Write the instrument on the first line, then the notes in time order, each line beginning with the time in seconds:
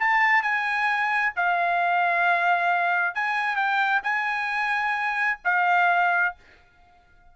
trumpet
0.00 A5
0.43 G#5
1.36 F5
3.15 G#5
3.56 G5
4.04 G#5
5.45 F5